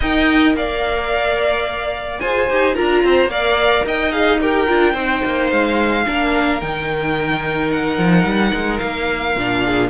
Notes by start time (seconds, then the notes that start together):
0.00 D#4 A#4 D#5 G5
0.54 A#3 D5 F5
2.20 F4 G#4 C5 G#5
2.49 D#4 G4
2.74 D4 F4 A#4 A#5
3.03 C4 C5
3.25 A#3 A#4 D5 F5
3.85 D#4 D#5 G5
4.11 G#4 F5
4.41 G4 A#4 G5
4.67 D4 F4
4.93 C4 D#4 C5
5.24 A#3
5.50 G#3 F5
6.06 A#3 D4 A#4
6.60 D#3 D#4 G5
7.71 F#5
7.97 F3
8.24 G3
8.53 G#3
8.78 A#3 F5
9.35 A#2 D4
9.64 G#4